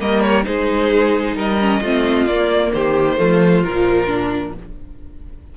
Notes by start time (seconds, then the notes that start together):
0.00 G3 A#3 A#4 D#5
0.21 C#5
0.44 G#3 D#4 G#4 C5
1.35 G3 A#4 D#5
1.61 C#4
1.81 A3 C4 F4
2.26 A#3 D5
2.73 D#3 G4 C5
3.18 F3 A3 F4
3.63 A#2 F3 A#4
4.07 D4